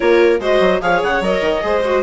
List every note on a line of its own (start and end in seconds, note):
0.00 0.40 A#3
0.00 0.40 F4
0.00 0.40 A#4
0.00 0.40 C#5
0.40 0.60 G#3
0.40 0.81 F#4
0.40 0.81 C5
0.40 0.81 D#5
0.60 0.80 F#3
0.81 1.02 F3
0.81 1.22 G#4
0.81 1.64 C#5
0.81 1.02 F5
1.02 1.20 C#3
1.02 1.23 F#5
1.20 1.40 F#3
1.20 1.61 A#4
1.20 2.03 D#5
1.40 1.61 D#3
1.61 2.03 G#3
1.61 1.81 G#4
1.61 2.03 C5
1.84 2.03 F#4